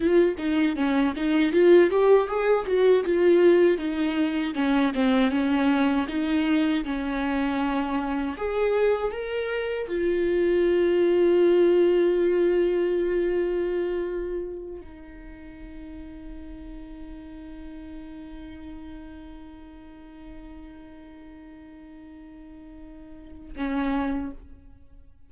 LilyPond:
\new Staff \with { instrumentName = "viola" } { \time 4/4 \tempo 4 = 79 f'8 dis'8 cis'8 dis'8 f'8 g'8 gis'8 fis'8 | f'4 dis'4 cis'8 c'8 cis'4 | dis'4 cis'2 gis'4 | ais'4 f'2.~ |
f'2.~ f'8 dis'8~ | dis'1~ | dis'1~ | dis'2. cis'4 | }